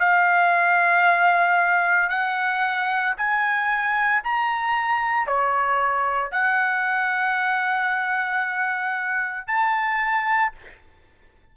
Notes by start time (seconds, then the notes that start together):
0.00 F5
2.10 F#5
3.17 G#5
4.24 A#5
5.27 C#5
6.32 F#5
9.48 A5